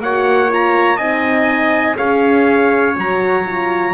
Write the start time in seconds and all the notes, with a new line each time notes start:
0.00 A#3 F#4 C#5 F#5
0.49 F4 A#5
0.97 C4 D#4 D#5 G#5
1.96 C#4 G#4 C#5 F5
2.95 F#3 F#4 A#5
3.45 F4